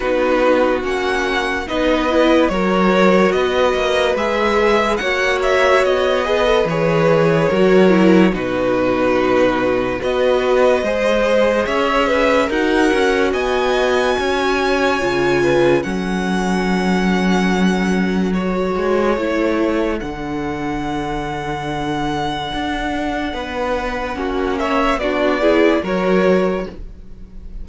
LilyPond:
<<
  \new Staff \with { instrumentName = "violin" } { \time 4/4 \tempo 4 = 72 b'4 fis''4 dis''4 cis''4 | dis''4 e''4 fis''8 e''8 dis''4 | cis''2 b'2 | dis''2 e''4 fis''4 |
gis''2. fis''4~ | fis''2 cis''2 | fis''1~ | fis''4. e''8 d''4 cis''4 | }
  \new Staff \with { instrumentName = "violin" } { \time 4/4 fis'2 b'4 ais'4 | b'2 cis''4. b'8~ | b'4 ais'4 fis'2 | b'4 c''4 cis''8 b'8 ais'4 |
dis''4 cis''4. b'8 a'4~ | a'1~ | a'1 | b'4 fis'8 cis''8 fis'8 gis'8 ais'4 | }
  \new Staff \with { instrumentName = "viola" } { \time 4/4 dis'4 cis'4 dis'8 e'8 fis'4~ | fis'4 gis'4 fis'4. gis'16 a'16 | gis'4 fis'8 e'8 dis'2 | fis'4 gis'2 fis'4~ |
fis'2 f'4 cis'4~ | cis'2 fis'4 e'4 | d'1~ | d'4 cis'4 d'8 e'8 fis'4 | }
  \new Staff \with { instrumentName = "cello" } { \time 4/4 b4 ais4 b4 fis4 | b8 ais8 gis4 ais4 b4 | e4 fis4 b,2 | b4 gis4 cis'4 dis'8 cis'8 |
b4 cis'4 cis4 fis4~ | fis2~ fis8 gis8 a4 | d2. d'4 | b4 ais4 b4 fis4 | }
>>